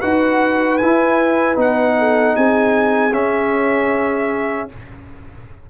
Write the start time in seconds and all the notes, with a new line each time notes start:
0.00 D#4 F#4 B4 F#5
0.77 E4 G#5
1.55 B3 D#4 F#5
1.98 A4
2.35 C4 G#4 G#5
3.13 C#4 E5